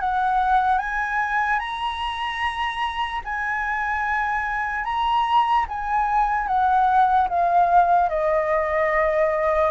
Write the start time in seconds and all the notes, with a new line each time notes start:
0.00 F#5
0.78 G#5
1.59 A#5
3.24 G#5
4.84 A#5
5.69 G#5
6.47 F#5
7.29 F5
8.09 D#5